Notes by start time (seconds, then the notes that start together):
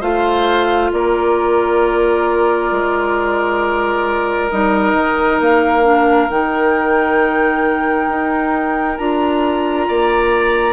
0.00 A3 F4 C5 F5
0.92 A#3 A#4 D5
2.71 G#3
4.50 G3 D#4 D#5
4.93 D#3
5.40 A#3 F5
5.83 D4
6.29 D#3 D#4 G5
8.08 D#4
8.97 D4 F4 A#5
9.88 A#3 D5